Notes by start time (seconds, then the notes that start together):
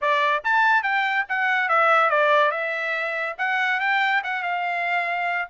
0.01 D5
0.44 A5
0.82 G5
1.28 F#5
1.68 E5
2.09 D5
2.51 E5
3.38 F#5
3.80 G5
4.23 F#5
4.42 F5